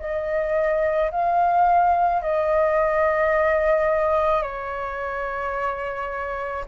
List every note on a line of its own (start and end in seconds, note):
0.00 1.11 D#5
1.12 2.22 F5
2.22 4.43 D#5
4.43 6.65 C#5